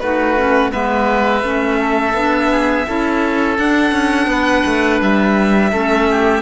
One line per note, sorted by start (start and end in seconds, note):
0.00 0.73 A3
0.00 0.37 D#4
0.00 0.72 F#4
0.00 0.71 B4
0.37 0.71 C#4
0.71 1.44 G#3
0.71 1.42 B3
0.71 1.79 B4
0.71 3.58 E5
1.42 2.14 A3
1.42 2.14 C#4
1.81 2.52 A4
2.14 2.86 B3
2.14 2.87 D4
2.52 2.87 G#4
2.87 3.59 C#4
2.87 3.58 E4
2.87 4.31 A4
3.58 5.72 D4
3.58 3.92 D4
3.58 5.01 F#5
3.92 4.27 C#4
4.27 4.63 B3
4.27 5.72 B4
4.66 5.02 A3
5.02 5.73 G3
5.02 6.42 E5
5.72 6.42 A3
5.72 6.42 C#4
5.72 6.08 A4
6.11 6.42 G4